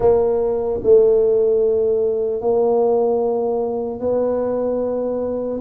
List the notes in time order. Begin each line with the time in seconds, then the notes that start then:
0.00 A#3
0.83 A3
2.41 A#3
4.00 B3